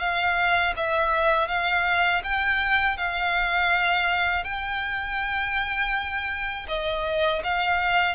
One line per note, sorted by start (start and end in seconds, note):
0.00 0.74 F5
0.77 1.48 E5
1.48 2.22 F5
2.24 2.97 G5
2.97 4.44 F5
4.44 6.67 G5
6.68 7.42 D#5
7.44 8.15 F5